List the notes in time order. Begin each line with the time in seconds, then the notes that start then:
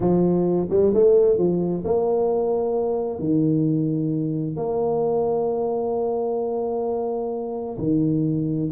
0.00 F3
0.70 G3
0.93 A3
1.38 F3
1.84 A#3
3.19 D#3
4.56 A#3
7.78 D#3